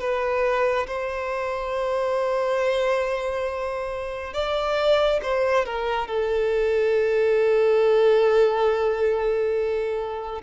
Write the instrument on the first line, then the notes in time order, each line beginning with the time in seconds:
violin
0.00 B4
0.87 C5
4.34 D5
5.23 C5
5.66 A#4
6.08 A4